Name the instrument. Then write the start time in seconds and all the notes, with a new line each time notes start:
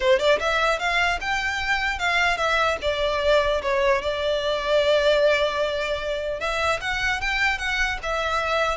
violin
0.00 C5
0.19 D5
0.39 E5
0.79 F5
1.21 G5
1.98 F5
2.37 E5
2.81 D5
3.61 C#5
4.02 D5
6.40 E5
6.80 F#5
7.20 G5
7.58 F#5
8.02 E5